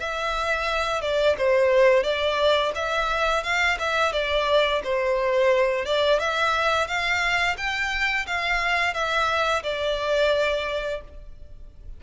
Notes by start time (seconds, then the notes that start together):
0.00 E5
1.01 D5
1.38 C5
2.03 D5
2.75 E5
3.43 F5
3.79 E5
4.13 D5
4.84 C5
5.85 D5
6.19 E5
6.87 F5
7.57 G5
8.26 F5
8.93 E5
9.63 D5